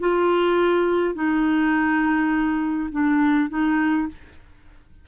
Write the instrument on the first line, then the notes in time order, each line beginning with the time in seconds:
clarinet
0.00 F4
1.15 D#4
2.92 D4
3.50 D#4